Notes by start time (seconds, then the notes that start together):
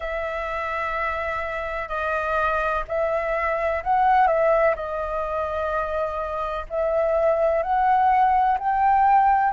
0.00 E5
1.88 D#5
2.88 E5
3.84 F#5
4.27 E5
4.75 D#5
6.69 E5
7.62 F#5
8.58 G5